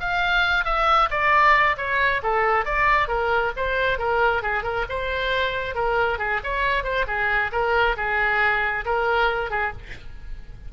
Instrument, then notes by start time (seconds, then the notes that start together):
oboe
0.00 F5
0.65 E5
1.10 D5
1.77 C#5
2.22 A4
2.65 D5
3.08 A#4
3.56 C5
3.98 A#4
4.42 G#4
4.63 A#4
4.89 C5
5.75 A#4
6.18 G#4
6.44 C#5
6.83 C5
7.07 G#4
7.52 A#4
7.97 G#4
8.85 A#4
9.50 G#4